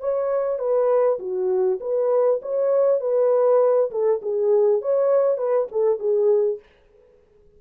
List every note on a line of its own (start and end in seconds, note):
0.00 0.59 C#5
0.59 1.19 B4
1.19 1.79 F#4
1.81 2.41 B4
2.42 3.01 C#5
3.01 3.91 B4
3.91 4.21 A4
4.22 4.82 G#4
4.82 5.38 C#5
5.38 5.68 B4
5.72 5.99 A4
5.99 6.59 G#4